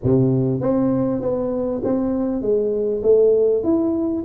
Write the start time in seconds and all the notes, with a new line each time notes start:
0.03 C3
0.61 C4
1.21 B3
1.83 C4
2.41 G#3
3.02 A3
3.63 E4